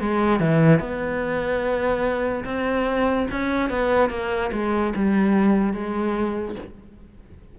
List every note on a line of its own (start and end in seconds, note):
0.00 0.40 G#3
0.40 0.80 E3
0.80 2.44 B3
2.44 3.27 C4
3.31 3.69 C#4
3.69 4.09 B3
4.09 4.51 A#3
4.52 4.93 G#3
4.95 5.73 G3
5.73 6.55 G#3